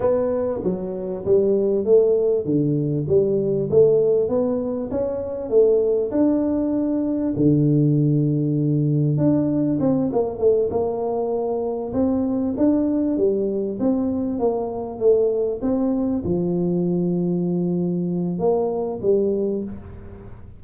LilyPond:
\new Staff \with { instrumentName = "tuba" } { \time 4/4 \tempo 4 = 98 b4 fis4 g4 a4 | d4 g4 a4 b4 | cis'4 a4 d'2 | d2. d'4 |
c'8 ais8 a8 ais2 c'8~ | c'8 d'4 g4 c'4 ais8~ | ais8 a4 c'4 f4.~ | f2 ais4 g4 | }